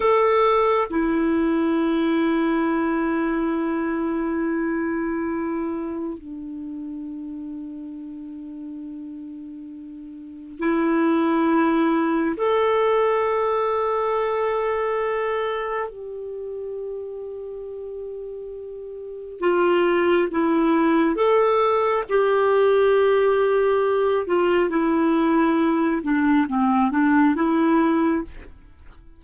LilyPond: \new Staff \with { instrumentName = "clarinet" } { \time 4/4 \tempo 4 = 68 a'4 e'2.~ | e'2. d'4~ | d'1 | e'2 a'2~ |
a'2 g'2~ | g'2 f'4 e'4 | a'4 g'2~ g'8 f'8 | e'4. d'8 c'8 d'8 e'4 | }